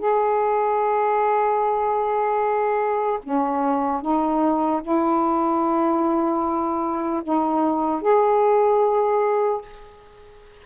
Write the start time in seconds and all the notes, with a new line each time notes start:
0.00 G#4
3.24 C#4
4.02 D#4
4.83 E4
7.24 D#4
8.02 G#4